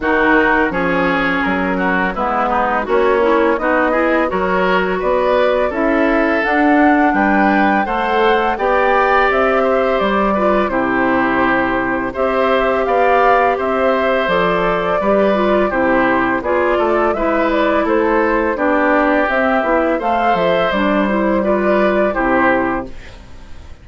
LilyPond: <<
  \new Staff \with { instrumentName = "flute" } { \time 4/4 \tempo 4 = 84 ais'4 cis''4 ais'4 b'4 | cis''4 dis''4 cis''4 d''4 | e''4 fis''4 g''4 fis''4 | g''4 e''4 d''4 c''4~ |
c''4 e''4 f''4 e''4 | d''2 c''4 d''4 | e''8 d''8 c''4 d''4 e''4 | f''8 e''8 d''8 c''8 d''4 c''4 | }
  \new Staff \with { instrumentName = "oboe" } { \time 4/4 fis'4 gis'4. fis'8 e'8 dis'8 | cis'4 fis'8 gis'8 ais'4 b'4 | a'2 b'4 c''4 | d''4. c''4 b'8 g'4~ |
g'4 c''4 d''4 c''4~ | c''4 b'4 g'4 gis'8 a'8 | b'4 a'4 g'2 | c''2 b'4 g'4 | }
  \new Staff \with { instrumentName = "clarinet" } { \time 4/4 dis'4 cis'2 b4 | fis'8 e'8 dis'8 e'8 fis'2 | e'4 d'2 a'4 | g'2~ g'8 f'8 e'4~ |
e'4 g'2. | a'4 g'8 f'8 e'4 f'4 | e'2 d'4 c'8 e'8 | a'4 d'8 e'8 f'4 e'4 | }
  \new Staff \with { instrumentName = "bassoon" } { \time 4/4 dis4 f4 fis4 gis4 | ais4 b4 fis4 b4 | cis'4 d'4 g4 a4 | b4 c'4 g4 c4~ |
c4 c'4 b4 c'4 | f4 g4 c4 b8 a8 | gis4 a4 b4 c'8 b8 | a8 f8 g2 c4 | }
>>